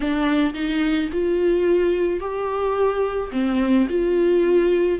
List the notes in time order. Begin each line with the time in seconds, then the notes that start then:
0.00 D4
0.54 D#4
1.12 F4
2.19 G4
3.32 C4
3.89 F4